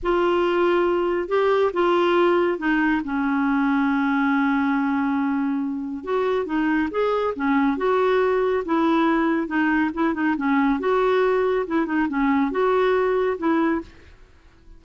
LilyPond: \new Staff \with { instrumentName = "clarinet" } { \time 4/4 \tempo 4 = 139 f'2. g'4 | f'2 dis'4 cis'4~ | cis'1~ | cis'2 fis'4 dis'4 |
gis'4 cis'4 fis'2 | e'2 dis'4 e'8 dis'8 | cis'4 fis'2 e'8 dis'8 | cis'4 fis'2 e'4 | }